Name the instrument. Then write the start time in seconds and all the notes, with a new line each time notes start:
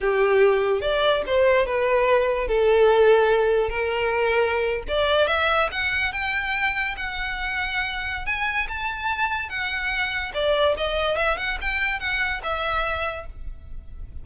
violin
0.01 G4
0.81 D5
1.26 C5
1.66 B4
2.47 A4
3.69 A#4
4.88 D5
5.27 E5
5.71 F#5
6.12 G5
6.96 F#5
8.26 G#5
8.68 A5
9.49 F#5
10.34 D5
10.77 D#5
11.16 E5
11.37 F#5
11.61 G5
11.99 F#5
12.43 E5